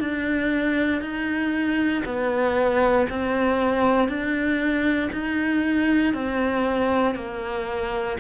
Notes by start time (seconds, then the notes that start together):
0.00 D4
1.02 D#4
2.05 B3
3.10 C4
4.09 D4
5.12 D#4
6.14 C4
7.16 A#3